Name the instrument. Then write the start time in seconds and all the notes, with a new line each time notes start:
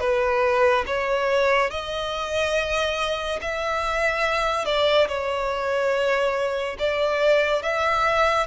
violin
0.00 B4
0.86 C#5
1.71 D#5
3.41 E5
4.65 D5
5.08 C#5
6.79 D5
7.62 E5